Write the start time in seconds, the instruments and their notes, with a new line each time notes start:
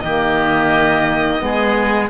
0.00 cello D#3, saxophone A#3, oboe G4, violin D#5
1.39 cello G#3, saxophone B3, oboe G#4